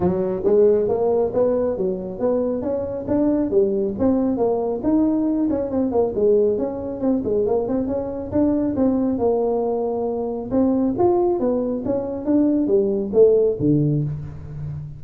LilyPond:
\new Staff \with { instrumentName = "tuba" } { \time 4/4 \tempo 4 = 137 fis4 gis4 ais4 b4 | fis4 b4 cis'4 d'4 | g4 c'4 ais4 dis'4~ | dis'8 cis'8 c'8 ais8 gis4 cis'4 |
c'8 gis8 ais8 c'8 cis'4 d'4 | c'4 ais2. | c'4 f'4 b4 cis'4 | d'4 g4 a4 d4 | }